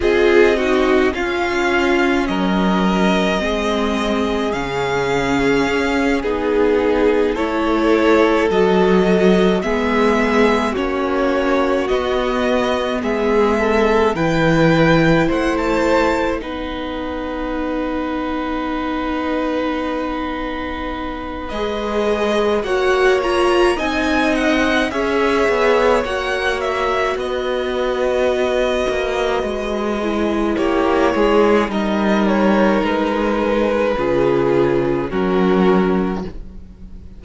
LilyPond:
<<
  \new Staff \with { instrumentName = "violin" } { \time 4/4 \tempo 4 = 53 dis''4 f''4 dis''2 | f''4. gis'4 cis''4 dis''8~ | dis''8 e''4 cis''4 dis''4 e''8~ | e''8 g''4 fis''16 a''8. fis''4.~ |
fis''2. dis''4 | fis''8 ais''8 gis''8 fis''8 e''4 fis''8 e''8 | dis''2. cis''4 | dis''8 cis''8 b'2 ais'4 | }
  \new Staff \with { instrumentName = "violin" } { \time 4/4 gis'8 fis'8 f'4 ais'4 gis'4~ | gis'2~ gis'8 a'4.~ | a'8 gis'4 fis'2 gis'8 | a'8 b'4 c''4 b'4.~ |
b'1 | cis''4 dis''4 cis''2 | b'2. g'8 gis'8 | ais'2 gis'4 fis'4 | }
  \new Staff \with { instrumentName = "viola" } { \time 4/4 f'8 dis'8 cis'2 c'4 | cis'4. dis'4 e'4 fis'8~ | fis'8 b4 cis'4 b4.~ | b8 e'2 dis'4.~ |
dis'2. gis'4 | fis'8 f'8 dis'4 gis'4 fis'4~ | fis'2~ fis'8 e'4. | dis'2 f'4 cis'4 | }
  \new Staff \with { instrumentName = "cello" } { \time 4/4 c'4 cis'4 fis4 gis4 | cis4 cis'8 b4 a4 fis8~ | fis8 gis4 ais4 b4 gis8~ | gis8 e4 a4 b4.~ |
b2. gis4 | ais4 c'4 cis'8 b8 ais4 | b4. ais8 gis4 ais8 gis8 | g4 gis4 cis4 fis4 | }
>>